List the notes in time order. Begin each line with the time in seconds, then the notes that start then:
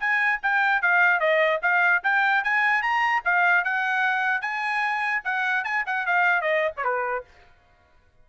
0.00 G#5
0.42 G5
0.82 F5
1.20 D#5
1.62 F5
2.04 G5
2.44 G#5
2.82 A#5
3.25 F5
3.64 F#5
4.41 G#5
5.24 F#5
5.64 G#5
5.86 F#5
6.06 F5
6.41 D#5
6.77 C#5
6.84 B4